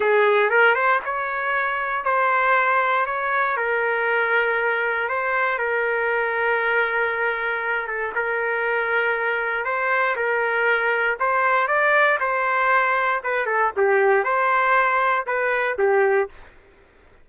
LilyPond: \new Staff \with { instrumentName = "trumpet" } { \time 4/4 \tempo 4 = 118 gis'4 ais'8 c''8 cis''2 | c''2 cis''4 ais'4~ | ais'2 c''4 ais'4~ | ais'2.~ ais'8 a'8 |
ais'2. c''4 | ais'2 c''4 d''4 | c''2 b'8 a'8 g'4 | c''2 b'4 g'4 | }